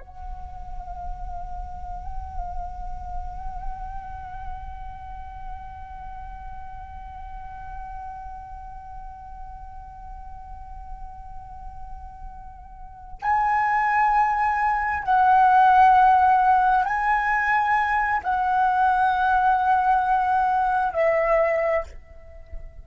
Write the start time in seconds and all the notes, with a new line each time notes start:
0.00 F#5
13.22 G#5
15.04 F#5
16.85 G#5
18.24 F#5
20.93 E5